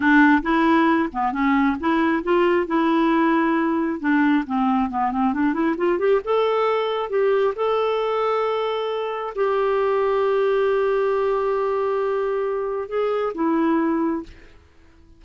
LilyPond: \new Staff \with { instrumentName = "clarinet" } { \time 4/4 \tempo 4 = 135 d'4 e'4. b8 cis'4 | e'4 f'4 e'2~ | e'4 d'4 c'4 b8 c'8 | d'8 e'8 f'8 g'8 a'2 |
g'4 a'2.~ | a'4 g'2.~ | g'1~ | g'4 gis'4 e'2 | }